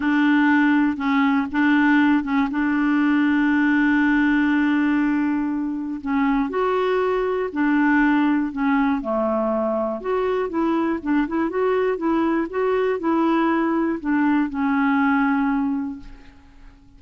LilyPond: \new Staff \with { instrumentName = "clarinet" } { \time 4/4 \tempo 4 = 120 d'2 cis'4 d'4~ | d'8 cis'8 d'2.~ | d'1 | cis'4 fis'2 d'4~ |
d'4 cis'4 a2 | fis'4 e'4 d'8 e'8 fis'4 | e'4 fis'4 e'2 | d'4 cis'2. | }